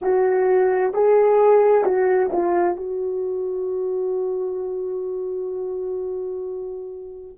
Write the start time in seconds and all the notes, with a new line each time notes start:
0.01 F#4
0.93 G#4
1.84 F#4
2.32 F4
2.76 F#4